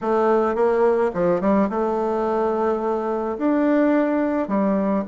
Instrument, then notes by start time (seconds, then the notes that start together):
bassoon
0.01 A3
0.55 A#3
1.14 F3
1.40 G3
1.69 A3
3.37 D4
4.48 G3